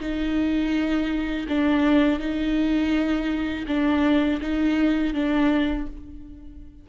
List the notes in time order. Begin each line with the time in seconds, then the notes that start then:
0.00 D#4
1.48 D4
2.19 D#4
3.67 D4
4.41 D#4
5.14 D4